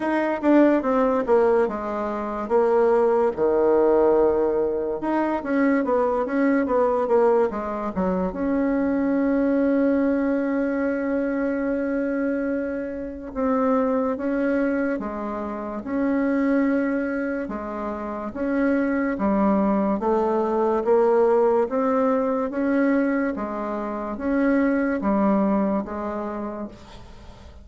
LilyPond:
\new Staff \with { instrumentName = "bassoon" } { \time 4/4 \tempo 4 = 72 dis'8 d'8 c'8 ais8 gis4 ais4 | dis2 dis'8 cis'8 b8 cis'8 | b8 ais8 gis8 fis8 cis'2~ | cis'1 |
c'4 cis'4 gis4 cis'4~ | cis'4 gis4 cis'4 g4 | a4 ais4 c'4 cis'4 | gis4 cis'4 g4 gis4 | }